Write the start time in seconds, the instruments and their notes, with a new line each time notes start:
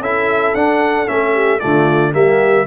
0.00 tuba C#4, trombone E4, horn A4, trumpet E5
0.55 tuba D4, trombone D4, trumpet F#5
1.07 tuba A3, trombone C#4, trumpet E5
1.33 horn G4
1.60 tuba D3, trombone A3, horn F4, trumpet D5
2.13 tuba G3, trombone A#3, horn G4, trumpet E5